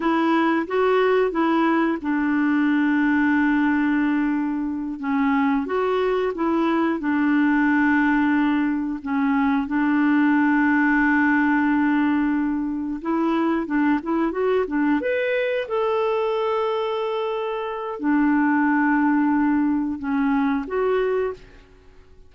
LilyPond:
\new Staff \with { instrumentName = "clarinet" } { \time 4/4 \tempo 4 = 90 e'4 fis'4 e'4 d'4~ | d'2.~ d'8 cis'8~ | cis'8 fis'4 e'4 d'4.~ | d'4. cis'4 d'4.~ |
d'2.~ d'8 e'8~ | e'8 d'8 e'8 fis'8 d'8 b'4 a'8~ | a'2. d'4~ | d'2 cis'4 fis'4 | }